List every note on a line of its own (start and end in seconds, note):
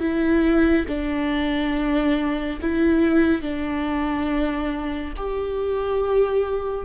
0.00 0.86 E4
0.88 2.60 D4
2.62 3.42 E4
3.42 5.14 D4
5.17 6.86 G4